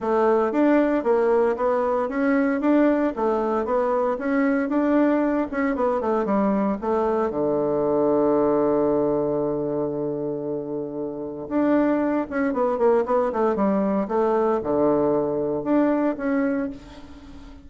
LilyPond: \new Staff \with { instrumentName = "bassoon" } { \time 4/4 \tempo 4 = 115 a4 d'4 ais4 b4 | cis'4 d'4 a4 b4 | cis'4 d'4. cis'8 b8 a8 | g4 a4 d2~ |
d1~ | d2 d'4. cis'8 | b8 ais8 b8 a8 g4 a4 | d2 d'4 cis'4 | }